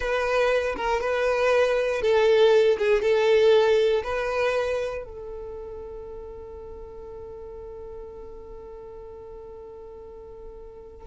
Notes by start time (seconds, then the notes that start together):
0.00 B4
0.75 A#4
1.00 B4
2.01 A4
2.78 G#4
3.02 A4
4.03 B4
5.04 A4